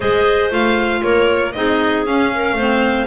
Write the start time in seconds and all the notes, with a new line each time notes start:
0.00 G#3 G#4 C5 D#5
0.50 A3 F4 F5
1.02 A#3 A#4 C#5
1.51 C4 D#4 G#4 D#5
2.05 C#4 F5
2.34 A#4
2.52 A3 C4 C5